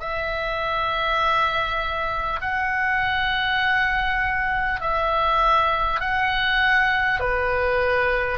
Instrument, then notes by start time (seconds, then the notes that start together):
oboe
0.00 E5
2.41 F#5
4.81 E5
6.01 F#5
7.20 B4